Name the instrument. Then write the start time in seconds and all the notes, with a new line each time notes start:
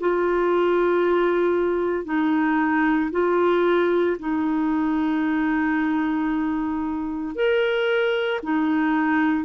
clarinet
0.00 F4
2.05 D#4
3.11 F4
4.19 D#4
7.34 A#4
8.43 D#4